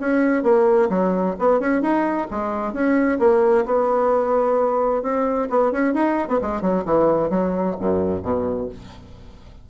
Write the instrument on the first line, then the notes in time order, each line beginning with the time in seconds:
bassoon
0.00 C#4
0.43 A#3
0.89 F#3
1.39 B3
1.60 C#4
1.81 D#4
2.30 G#3
2.73 C#4
3.19 A#3
3.65 B3
5.02 C4
5.49 B3
5.72 C#4
5.93 D#4
6.28 B3
6.41 G#3
6.61 F#3
6.85 E3
7.29 F#3
7.79 F#2
8.23 B2